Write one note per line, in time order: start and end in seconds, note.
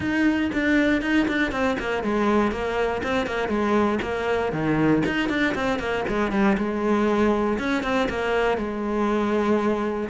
0.00 0.50 D#4
0.52 1.01 D4
1.01 1.26 D#4
1.28 1.51 D4
1.51 1.76 C4
1.79 2.03 A#3
2.03 2.51 G#3
2.51 3.02 A#3
3.03 3.26 C4
3.26 3.48 A#3
3.48 3.98 G#3
4.02 4.52 A#3
4.52 5.02 D#3
5.06 5.29 D#4
5.29 5.54 D4
5.55 5.79 C4
5.79 6.04 A#3
6.08 6.31 G#3
6.31 6.57 G3
6.57 7.58 G#3
7.59 7.83 C#4
7.83 8.08 C4
8.09 8.57 A#3
8.57 10.09 G#3